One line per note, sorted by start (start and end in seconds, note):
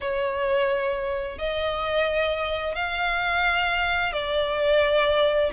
0.00 1.38 C#5
1.38 2.75 D#5
2.75 4.13 F5
4.13 5.50 D5